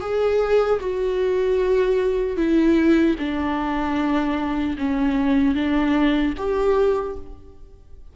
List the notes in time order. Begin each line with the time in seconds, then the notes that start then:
0.00 G#4
0.80 F#4
2.36 E4
3.18 D4
4.78 C#4
5.54 D4
6.37 G4